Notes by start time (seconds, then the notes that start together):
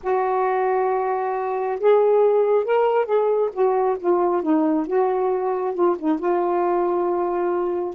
0.02 F#4
1.80 G#4
2.64 A#4
3.05 G#4
3.53 F#4
3.99 F4
4.42 D#4
4.86 F#4
5.74 F4
5.98 D#4
6.19 F4